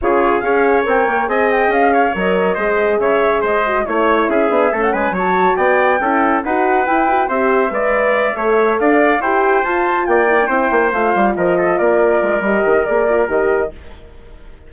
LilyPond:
<<
  \new Staff \with { instrumentName = "flute" } { \time 4/4 \tempo 4 = 140 cis''4 f''4 g''4 gis''8 g''8 | f''4 dis''2 e''4 | dis''4 cis''4 e''4~ e''16 fis''16 gis''8 | a''4 g''2 fis''4 |
g''4 e''2.~ | e''8 f''4 g''4 a''4 g''8~ | g''4. f''4 dis''4 d''8~ | d''4 dis''4 d''4 dis''4 | }
  \new Staff \with { instrumentName = "trumpet" } { \time 4/4 gis'4 cis''2 dis''4~ | dis''8 cis''4. c''4 cis''4 | c''4 cis''4 gis'4 a'8 b'8 | cis''4 d''4 a'4 b'4~ |
b'4 c''4 d''4. cis''8~ | cis''8 d''4 c''2 d''8~ | d''8 c''2 ais'8 a'8 ais'8~ | ais'1 | }
  \new Staff \with { instrumentName = "horn" } { \time 4/4 f'4 gis'4 ais'4 gis'4~ | gis'4 ais'4 gis'2~ | gis'8 fis'8 e'4. d'8 cis'4 | fis'2 e'4 fis'4 |
e'8 fis'8 g'4 b'4. a'8~ | a'4. g'4 f'4. | e'16 d'16 e'4 f'2~ f'8~ | f'4 g'4 gis'8 f'8 g'4 | }
  \new Staff \with { instrumentName = "bassoon" } { \time 4/4 cis4 cis'4 c'8 ais8 c'4 | cis'4 fis4 gis4 cis4 | gis4 a4 cis'8 b8 a8 gis8 | fis4 b4 cis'4 dis'4 |
e'4 c'4 gis4. a8~ | a8 d'4 e'4 f'4 ais8~ | ais8 c'8 ais8 a8 g8 f4 ais8~ | ais8 gis8 g8 dis8 ais4 dis4 | }
>>